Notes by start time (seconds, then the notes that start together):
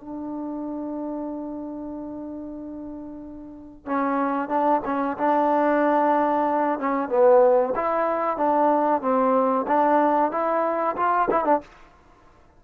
0.00 D4
3.86 C#4
4.49 D4
4.85 C#4
5.18 D4
6.79 C#4
7.09 B3
7.75 E4
8.37 D4
9.01 C4
9.67 D4
10.31 E4
10.96 F4
11.31 E4
11.45 D4